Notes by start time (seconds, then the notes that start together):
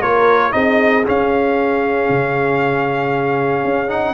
0.00 A#3 F4 A#4 C#5
0.52 C4 D#4 G#4 D#5
1.06 C#4 F5
2.09 C#3
3.65 C#4
3.89 D#4 F#5